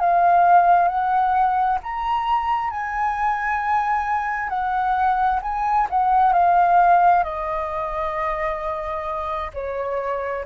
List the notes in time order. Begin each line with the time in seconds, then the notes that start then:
0.00 F5
0.88 F#5
1.83 A#5
2.71 G#5
4.50 F#5
5.43 G#5
5.90 F#5
6.33 F5
7.24 D#5
9.54 C#5